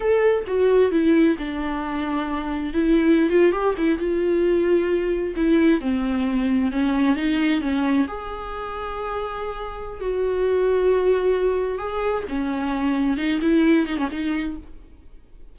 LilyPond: \new Staff \with { instrumentName = "viola" } { \time 4/4 \tempo 4 = 132 a'4 fis'4 e'4 d'4~ | d'2 e'4~ e'16 f'8 g'16~ | g'16 e'8 f'2. e'16~ | e'8. c'2 cis'4 dis'16~ |
dis'8. cis'4 gis'2~ gis'16~ | gis'2 fis'2~ | fis'2 gis'4 cis'4~ | cis'4 dis'8 e'4 dis'16 cis'16 dis'4 | }